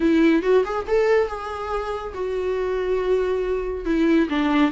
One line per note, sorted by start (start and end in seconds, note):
0.00 0.42 E4
0.42 0.64 F#4
0.64 0.86 G#4
0.87 1.27 A4
1.27 2.13 G#4
2.14 3.85 F#4
3.85 4.28 E4
4.29 4.71 D4